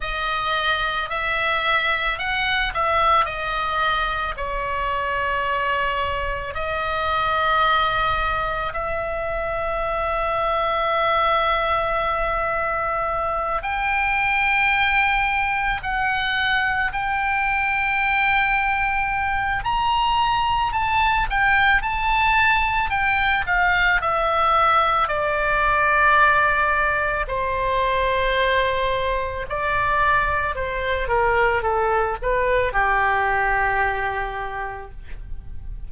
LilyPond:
\new Staff \with { instrumentName = "oboe" } { \time 4/4 \tempo 4 = 55 dis''4 e''4 fis''8 e''8 dis''4 | cis''2 dis''2 | e''1~ | e''8 g''2 fis''4 g''8~ |
g''2 ais''4 a''8 g''8 | a''4 g''8 f''8 e''4 d''4~ | d''4 c''2 d''4 | c''8 ais'8 a'8 b'8 g'2 | }